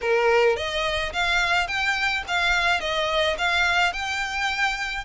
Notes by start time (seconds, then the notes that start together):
0.01 A#4
0.56 D#5
1.12 F5
1.67 G5
2.27 F5
2.80 D#5
3.38 F5
3.92 G5